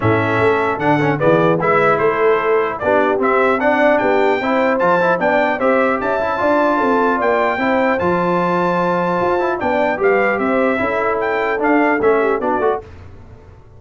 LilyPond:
<<
  \new Staff \with { instrumentName = "trumpet" } { \time 4/4 \tempo 4 = 150 e''2 fis''4 d''4 | e''4 c''2 d''4 | e''4 fis''4 g''2 | a''4 g''4 e''4 a''4~ |
a''2 g''2 | a''1 | g''4 f''4 e''2 | g''4 f''4 e''4 d''4 | }
  \new Staff \with { instrumentName = "horn" } { \time 4/4 a'2. gis'4 | b'4 a'2 g'4~ | g'4 d''4 g'4 c''4~ | c''4 d''4 c''4 e''4 |
d''4 a'4 d''4 c''4~ | c''1 | d''4 b'4 c''4 a'4~ | a'2~ a'8 g'8 fis'4 | }
  \new Staff \with { instrumentName = "trombone" } { \time 4/4 cis'2 d'8 cis'8 b4 | e'2. d'4 | c'4 d'2 e'4 | f'8 e'8 d'4 g'4. e'8 |
f'2. e'4 | f'2.~ f'8 e'8 | d'4 g'2 e'4~ | e'4 d'4 cis'4 d'8 fis'8 | }
  \new Staff \with { instrumentName = "tuba" } { \time 4/4 a,4 a4 d4 e4 | gis4 a2 b4 | c'2 b4 c'4 | f4 b4 c'4 cis'4 |
d'4 c'4 ais4 c'4 | f2. f'4 | b4 g4 c'4 cis'4~ | cis'4 d'4 a4 b8 a8 | }
>>